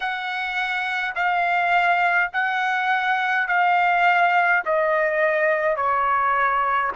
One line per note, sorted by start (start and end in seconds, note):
0.00 1.14 F#5
1.15 2.30 F5
2.32 3.47 F#5
3.47 4.63 F5
4.65 5.76 D#5
5.76 6.91 C#5